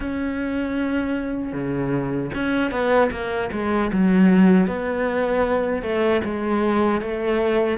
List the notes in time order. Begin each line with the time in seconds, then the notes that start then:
0.00 C#4
1.53 C#3
2.34 C#4
2.71 B3
3.11 A#3
3.52 G#3
3.92 F#3
4.66 B3
5.82 A3
6.24 G#3
7.01 A3